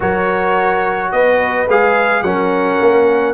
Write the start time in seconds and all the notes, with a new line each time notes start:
0.00 F#3 F#4 A#4 C#5
1.11 B3 B4 D#5
1.67 G#3 G#4 F5
2.22 F#3 C#4 A#4 F#5
2.80 A#3